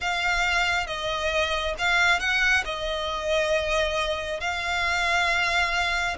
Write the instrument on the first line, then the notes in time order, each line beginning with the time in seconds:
violin
0.00 F5
0.86 D#5
1.78 F5
2.19 F#5
2.65 D#5
4.40 F5